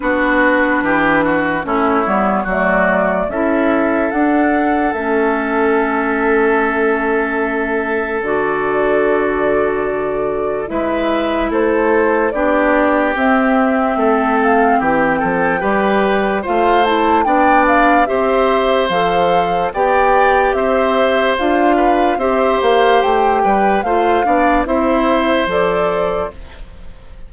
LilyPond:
<<
  \new Staff \with { instrumentName = "flute" } { \time 4/4 \tempo 4 = 73 b'2 cis''4 d''4 | e''4 fis''4 e''2~ | e''2 d''2~ | d''4 e''4 c''4 d''4 |
e''4. f''8 g''2 | f''8 a''8 g''8 f''8 e''4 f''4 | g''4 e''4 f''4 e''8 f''8 | g''4 f''4 e''4 d''4 | }
  \new Staff \with { instrumentName = "oboe" } { \time 4/4 fis'4 g'8 fis'8 e'4 fis'4 | a'1~ | a'1~ | a'4 b'4 a'4 g'4~ |
g'4 a'4 g'8 a'8 b'4 | c''4 d''4 c''2 | d''4 c''4. b'8 c''4~ | c''8 b'8 c''8 d''8 c''2 | }
  \new Staff \with { instrumentName = "clarinet" } { \time 4/4 d'2 cis'8 b8 a4 | e'4 d'4 cis'2~ | cis'2 fis'2~ | fis'4 e'2 d'4 |
c'2. g'4 | f'8 e'8 d'4 g'4 a'4 | g'2 f'4 g'4~ | g'4 f'8 d'8 e'4 a'4 | }
  \new Staff \with { instrumentName = "bassoon" } { \time 4/4 b4 e4 a8 g8 fis4 | cis'4 d'4 a2~ | a2 d2~ | d4 gis4 a4 b4 |
c'4 a4 e8 f8 g4 | a4 b4 c'4 f4 | b4 c'4 d'4 c'8 ais8 | a8 g8 a8 b8 c'4 f4 | }
>>